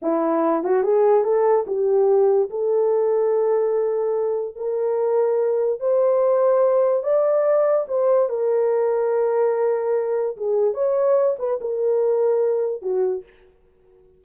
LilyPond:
\new Staff \with { instrumentName = "horn" } { \time 4/4 \tempo 4 = 145 e'4. fis'8 gis'4 a'4 | g'2 a'2~ | a'2. ais'4~ | ais'2 c''2~ |
c''4 d''2 c''4 | ais'1~ | ais'4 gis'4 cis''4. b'8 | ais'2. fis'4 | }